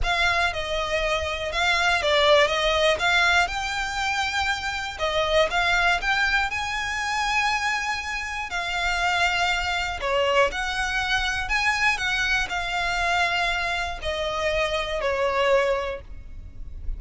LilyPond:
\new Staff \with { instrumentName = "violin" } { \time 4/4 \tempo 4 = 120 f''4 dis''2 f''4 | d''4 dis''4 f''4 g''4~ | g''2 dis''4 f''4 | g''4 gis''2.~ |
gis''4 f''2. | cis''4 fis''2 gis''4 | fis''4 f''2. | dis''2 cis''2 | }